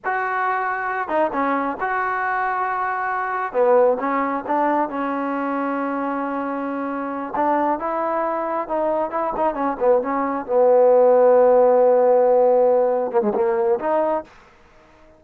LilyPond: \new Staff \with { instrumentName = "trombone" } { \time 4/4 \tempo 4 = 135 fis'2~ fis'8 dis'8 cis'4 | fis'1 | b4 cis'4 d'4 cis'4~ | cis'1~ |
cis'8 d'4 e'2 dis'8~ | dis'8 e'8 dis'8 cis'8 b8 cis'4 b8~ | b1~ | b4. ais16 gis16 ais4 dis'4 | }